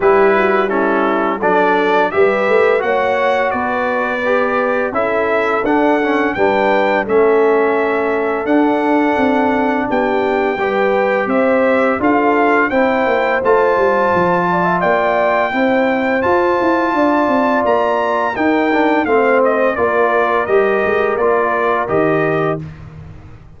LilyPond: <<
  \new Staff \with { instrumentName = "trumpet" } { \time 4/4 \tempo 4 = 85 b'4 a'4 d''4 e''4 | fis''4 d''2 e''4 | fis''4 g''4 e''2 | fis''2 g''2 |
e''4 f''4 g''4 a''4~ | a''4 g''2 a''4~ | a''4 ais''4 g''4 f''8 dis''8 | d''4 dis''4 d''4 dis''4 | }
  \new Staff \with { instrumentName = "horn" } { \time 4/4 g'8 fis'8 e'4 a'4 b'4 | cis''4 b'2 a'4~ | a'4 b'4 a'2~ | a'2 g'4 b'4 |
c''4 a'4 c''2~ | c''8 d''16 e''16 d''4 c''2 | d''2 ais'4 c''4 | ais'1 | }
  \new Staff \with { instrumentName = "trombone" } { \time 4/4 e'4 cis'4 d'4 g'4 | fis'2 g'4 e'4 | d'8 cis'8 d'4 cis'2 | d'2. g'4~ |
g'4 f'4 e'4 f'4~ | f'2 e'4 f'4~ | f'2 dis'8 d'8 c'4 | f'4 g'4 f'4 g'4 | }
  \new Staff \with { instrumentName = "tuba" } { \time 4/4 g2 fis4 g8 a8 | ais4 b2 cis'4 | d'4 g4 a2 | d'4 c'4 b4 g4 |
c'4 d'4 c'8 ais8 a8 g8 | f4 ais4 c'4 f'8 e'8 | d'8 c'8 ais4 dis'4 a4 | ais4 g8 gis8 ais4 dis4 | }
>>